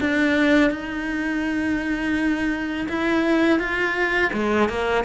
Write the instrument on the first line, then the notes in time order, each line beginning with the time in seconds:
cello
0.00 D4
0.70 D#4
2.88 E4
3.59 F4
4.33 G#3
4.69 A#3